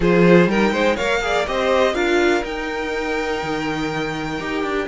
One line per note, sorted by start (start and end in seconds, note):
0.00 0.46 F3
0.00 0.49 F4
0.00 0.49 G#4
0.00 0.50 C5
0.46 0.70 G3
0.46 0.98 D#4
0.46 0.73 A#4
0.46 0.96 G5
0.70 0.95 G#3
0.70 0.95 C5
0.95 1.47 A#3
0.95 1.21 A#4
0.95 1.19 C#5
0.95 1.45 F5
1.21 1.45 G#4
1.21 1.49 D5
1.46 1.94 C4
1.46 1.93 G4
1.46 1.94 C5
1.46 1.95 D#5
1.93 2.42 D4
1.93 2.42 F4
1.93 4.87 A#4
1.93 2.43 F5
2.42 4.37 D#4
2.42 3.41 D#4
2.42 4.87 G5
3.42 4.39 D#3
4.39 4.63 D#4
4.39 4.87 G4
4.63 4.87 D4